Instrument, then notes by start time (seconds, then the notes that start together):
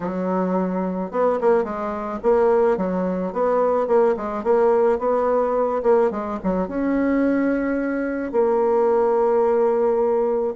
bassoon
0.00 F#3
1.11 B3
1.40 A#3
1.63 G#3
2.22 A#3
2.77 F#3
3.33 B3
3.87 A#3
4.16 G#3
4.43 A#3
4.98 B3
5.83 A#3
6.11 G#3
6.43 F#3
6.68 C#4
8.32 A#3